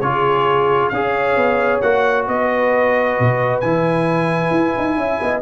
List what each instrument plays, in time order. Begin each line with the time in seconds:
0.00 tuba C#3, trombone F4, horn G#4, trumpet C#5
0.89 tuba C#4, trombone G#4, horn C#5, trumpet F5
1.36 tuba B3
1.80 tuba A#3, trombone F#4, trumpet F#5
2.27 tuba B3, horn B4, trumpet D#5
3.19 tuba B2
3.60 tuba E3, trombone E4, trumpet G#5
4.51 tuba E4
4.78 tuba D#4
4.97 tuba C#4, horn E5
5.21 tuba B3, horn D#5